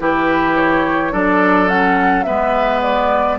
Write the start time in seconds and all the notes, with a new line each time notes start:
0.00 E3 E4 G4 B4
0.57 C#5
1.12 F#3 D4 A4 D5
1.68 C#4 F#5
2.24 G#3 B3 B4 E5
2.82 D5